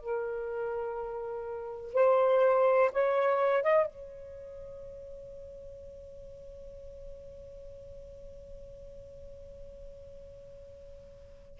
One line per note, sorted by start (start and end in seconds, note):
0.00 1.94 A#4
1.94 2.90 C5
2.92 3.63 C#5
3.63 3.86 D#5
3.86 11.59 C#5